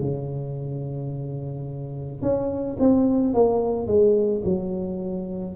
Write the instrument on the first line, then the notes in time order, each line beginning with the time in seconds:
tuba
0.00 C#3
2.21 C#4
2.79 C4
3.33 A#3
3.87 G#3
4.44 F#3